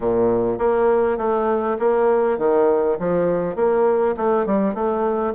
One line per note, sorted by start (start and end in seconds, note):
0.00 0.58 A#2
0.58 1.17 A#3
1.17 1.77 A3
1.79 2.38 A#3
2.38 2.97 D#3
2.99 3.55 F3
3.55 4.15 A#3
4.17 4.46 A3
4.46 4.74 G3
4.74 5.33 A3